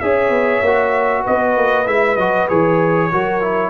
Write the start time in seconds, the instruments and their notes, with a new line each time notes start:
0.00 tuba C#4, trombone G#4, horn C#5, trumpet E5
0.30 tuba B3
0.61 tuba A#3, trombone F#4
1.22 tuba B3, horn B4, trumpet D#5
1.57 tuba A#3
1.86 tuba G#3, trombone E4, trumpet E5
2.17 tuba F#3, trombone F#4, trumpet D#5
2.49 tuba E3, trombone G#4, trumpet C#5
3.11 tuba F#3, trombone F#4, horn A#4
3.41 trombone E4